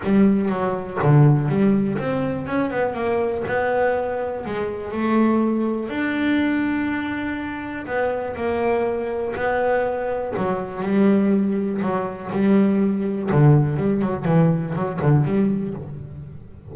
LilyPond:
\new Staff \with { instrumentName = "double bass" } { \time 4/4 \tempo 4 = 122 g4 fis4 d4 g4 | c'4 cis'8 b8 ais4 b4~ | b4 gis4 a2 | d'1 |
b4 ais2 b4~ | b4 fis4 g2 | fis4 g2 d4 | g8 fis8 e4 fis8 d8 g4 | }